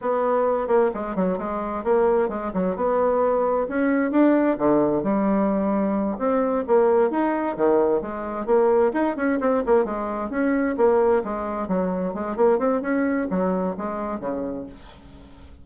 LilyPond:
\new Staff \with { instrumentName = "bassoon" } { \time 4/4 \tempo 4 = 131 b4. ais8 gis8 fis8 gis4 | ais4 gis8 fis8 b2 | cis'4 d'4 d4 g4~ | g4. c'4 ais4 dis'8~ |
dis'8 dis4 gis4 ais4 dis'8 | cis'8 c'8 ais8 gis4 cis'4 ais8~ | ais8 gis4 fis4 gis8 ais8 c'8 | cis'4 fis4 gis4 cis4 | }